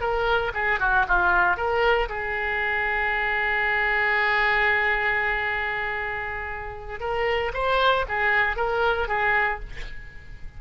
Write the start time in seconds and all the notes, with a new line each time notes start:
0.00 A#4
0.54 G#4
0.79 F#4
1.08 F4
1.56 A#4
2.09 G#4
7.00 A#4
7.53 C5
8.08 G#4
8.56 A#4
9.08 G#4